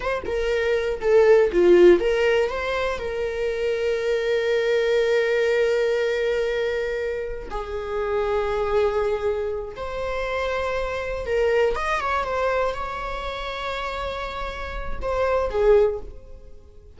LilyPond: \new Staff \with { instrumentName = "viola" } { \time 4/4 \tempo 4 = 120 c''8 ais'4. a'4 f'4 | ais'4 c''4 ais'2~ | ais'1~ | ais'2. gis'4~ |
gis'2.~ gis'8 c''8~ | c''2~ c''8 ais'4 dis''8 | cis''8 c''4 cis''2~ cis''8~ | cis''2 c''4 gis'4 | }